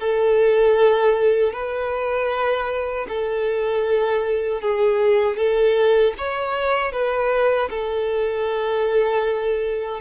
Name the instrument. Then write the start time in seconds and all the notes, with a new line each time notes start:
violin
0.00 A4
1.53 B4
3.09 A4
4.62 G#4
5.37 A4
6.18 C#5
6.92 B4
7.70 A4